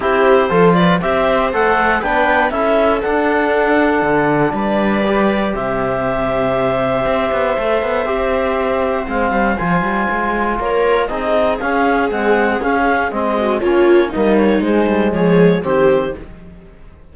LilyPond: <<
  \new Staff \with { instrumentName = "clarinet" } { \time 4/4 \tempo 4 = 119 c''4. d''8 e''4 fis''4 | g''4 e''4 fis''2~ | fis''4 d''2 e''4~ | e''1~ |
e''2 f''4 gis''4~ | gis''4 cis''4 dis''4 f''4 | fis''4 f''4 dis''4 cis''4 | dis''8 cis''8 c''4 cis''4 c''4 | }
  \new Staff \with { instrumentName = "viola" } { \time 4/4 g'4 a'8 b'8 c''2 | b'4 a'2.~ | a'4 b'2 c''4~ | c''1~ |
c''1~ | c''4 ais'4 gis'2~ | gis'2~ gis'8 fis'8 f'4 | dis'2 gis'4 g'4 | }
  \new Staff \with { instrumentName = "trombone" } { \time 4/4 e'4 f'4 g'4 a'4 | d'4 e'4 d'2~ | d'2 g'2~ | g'2. a'4 |
g'2 c'4 f'4~ | f'2 dis'4 cis'4 | gis4 cis'4 c'4 cis'4 | ais4 gis2 c'4 | }
  \new Staff \with { instrumentName = "cello" } { \time 4/4 c'4 f4 c'4 a4 | b4 cis'4 d'2 | d4 g2 c4~ | c2 c'8 b8 a8 b8 |
c'2 gis8 g8 f8 g8 | gis4 ais4 c'4 cis'4 | c'4 cis'4 gis4 ais4 | g4 gis8 g8 f4 dis4 | }
>>